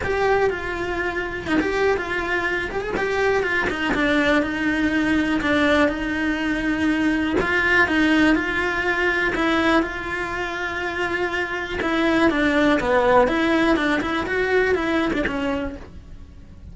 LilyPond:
\new Staff \with { instrumentName = "cello" } { \time 4/4 \tempo 4 = 122 g'4 f'2 dis'16 g'8. | f'4. g'16 gis'16 g'4 f'8 dis'8 | d'4 dis'2 d'4 | dis'2. f'4 |
dis'4 f'2 e'4 | f'1 | e'4 d'4 b4 e'4 | d'8 e'8 fis'4 e'8. d'16 cis'4 | }